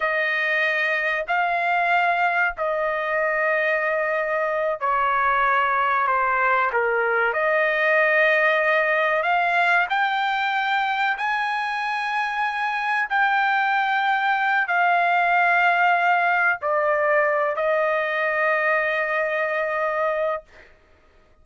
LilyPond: \new Staff \with { instrumentName = "trumpet" } { \time 4/4 \tempo 4 = 94 dis''2 f''2 | dis''2.~ dis''8 cis''8~ | cis''4. c''4 ais'4 dis''8~ | dis''2~ dis''8 f''4 g''8~ |
g''4. gis''2~ gis''8~ | gis''8 g''2~ g''8 f''4~ | f''2 d''4. dis''8~ | dis''1 | }